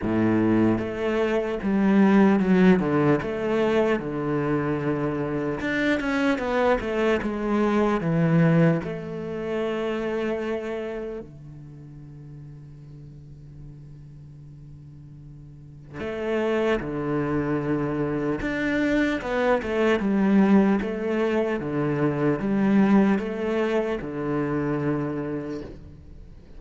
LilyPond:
\new Staff \with { instrumentName = "cello" } { \time 4/4 \tempo 4 = 75 a,4 a4 g4 fis8 d8 | a4 d2 d'8 cis'8 | b8 a8 gis4 e4 a4~ | a2 d2~ |
d1 | a4 d2 d'4 | b8 a8 g4 a4 d4 | g4 a4 d2 | }